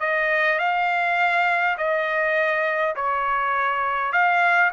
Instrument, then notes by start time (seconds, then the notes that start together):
trumpet
0.00 D#5
0.59 F5
1.78 D#5
2.96 C#5
4.13 F5